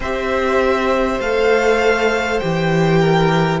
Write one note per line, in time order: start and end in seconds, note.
0.00 1.19 C4
0.00 1.23 G4
0.00 2.98 C5
0.00 1.20 E5
1.20 2.40 A3
1.20 2.40 A4
1.20 2.39 F5
2.39 3.60 E3
2.39 3.60 G4
2.39 3.59 G5
3.00 3.60 A#4